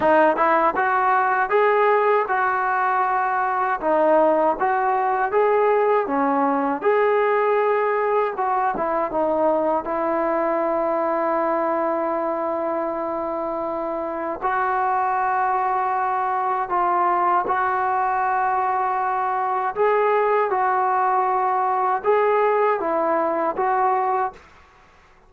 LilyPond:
\new Staff \with { instrumentName = "trombone" } { \time 4/4 \tempo 4 = 79 dis'8 e'8 fis'4 gis'4 fis'4~ | fis'4 dis'4 fis'4 gis'4 | cis'4 gis'2 fis'8 e'8 | dis'4 e'2.~ |
e'2. fis'4~ | fis'2 f'4 fis'4~ | fis'2 gis'4 fis'4~ | fis'4 gis'4 e'4 fis'4 | }